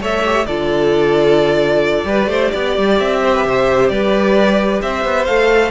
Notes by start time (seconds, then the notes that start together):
0.00 A3 A4 C#5 E5
0.25 G4
0.46 D3 F4 A4 D5
2.04 G3 G4 B4
2.27 A3 C5
2.51 B3 D5
2.77 G3
2.98 C4 E5
3.24 C5
3.35 B4
3.45 C3 C5
3.88 G3 B4 D5
4.82 C4 C5 E5
5.04 B3
5.25 A3 A4 F5